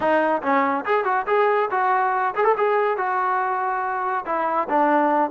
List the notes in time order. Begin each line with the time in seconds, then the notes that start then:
0.00 D#4
0.42 C#4
0.85 G#4
1.04 F#4
1.27 G#4
1.70 F#4
2.35 G#4
2.44 A4
2.57 G#4
2.97 F#4
4.25 E4
4.69 D4